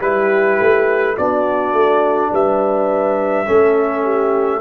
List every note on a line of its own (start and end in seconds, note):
0.00 0.58 G3
0.00 1.18 E4
0.00 1.16 G4
0.00 1.17 B4
0.61 1.18 A3
1.16 1.73 B3
1.16 3.46 D4
1.16 2.31 F#4
1.16 2.33 D5
1.73 2.31 A3
2.33 3.48 G3
2.33 3.47 B4
2.33 4.61 E5
3.46 4.61 A3
3.46 4.61 C#4
3.46 4.04 A4
4.04 4.61 G4